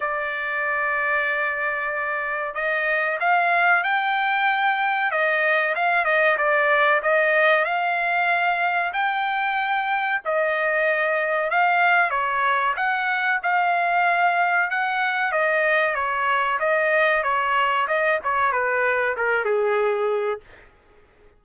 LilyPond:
\new Staff \with { instrumentName = "trumpet" } { \time 4/4 \tempo 4 = 94 d''1 | dis''4 f''4 g''2 | dis''4 f''8 dis''8 d''4 dis''4 | f''2 g''2 |
dis''2 f''4 cis''4 | fis''4 f''2 fis''4 | dis''4 cis''4 dis''4 cis''4 | dis''8 cis''8 b'4 ais'8 gis'4. | }